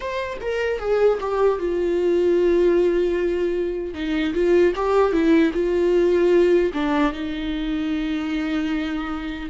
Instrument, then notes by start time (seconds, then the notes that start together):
viola
0.00 C5
0.41 A#4
0.79 G#4
1.20 G4
1.59 F4
3.94 D#4
4.33 F4
4.75 G4
5.12 E4
5.53 F4
6.73 D4
7.12 D#4